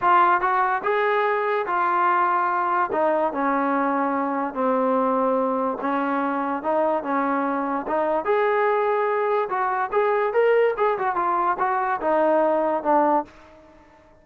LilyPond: \new Staff \with { instrumentName = "trombone" } { \time 4/4 \tempo 4 = 145 f'4 fis'4 gis'2 | f'2. dis'4 | cis'2. c'4~ | c'2 cis'2 |
dis'4 cis'2 dis'4 | gis'2. fis'4 | gis'4 ais'4 gis'8 fis'8 f'4 | fis'4 dis'2 d'4 | }